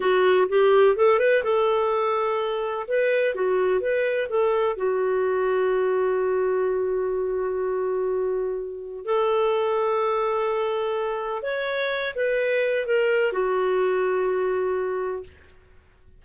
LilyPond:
\new Staff \with { instrumentName = "clarinet" } { \time 4/4 \tempo 4 = 126 fis'4 g'4 a'8 b'8 a'4~ | a'2 b'4 fis'4 | b'4 a'4 fis'2~ | fis'1~ |
fis'2. a'4~ | a'1 | cis''4. b'4. ais'4 | fis'1 | }